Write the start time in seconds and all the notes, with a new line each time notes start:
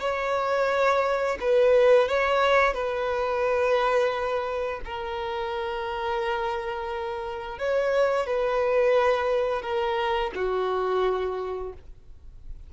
0.00 C#5
1.40 B4
2.08 C#5
2.74 B4
4.85 A#4
7.59 C#5
8.26 B4
9.62 A#4
10.35 F#4